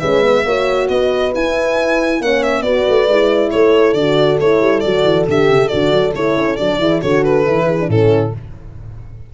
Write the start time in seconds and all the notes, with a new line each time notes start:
0.00 G#3 C#4 B4 E5
0.23 B3
0.45 A#3 F#4 C#5
0.89 B3 B4 D#5
1.35 E4 G#5
2.21 A#3 C#4 C#5 F#5
2.43 E5
2.62 B3 F#4 B4 D5
2.89 A3
3.08 G#3 E4
3.51 A3 A4 C#5
3.94 D3 F#4 D5
4.40 A3 E4 C#5
4.61 G3
4.80 F#3 F#4 D5
5.04 E3
5.28 D3 G4 E5
5.50 C#3
5.68 D3 F#4 D5
5.92 F#3
6.15 A3 E4 C#5
6.37 C#4
6.57 F#3 D4 D5
6.79 E3 E4 G#4
7.02 D3 F#4 A4 C#5
7.24 B4
7.46 E3 E4
7.67 G#4
7.80 D4
7.89 A2 C#4 E4 A4